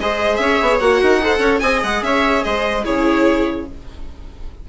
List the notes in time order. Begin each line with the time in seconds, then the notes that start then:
0.00 G#3 G#4 C5 D#5
0.36 C#4 E5
0.43 C#5
0.62 B3
0.80 A#3 F#4 F#5
1.02 D#4 A#4
1.22 A4 C5
1.39 C#4 C#5
1.60 C4 G#4 D#5 G#5
1.84 G#3 F#5
2.02 C#4 C#5 E5
2.44 G#3 C5 D#5
2.84 C#3 E4 G#4 C#5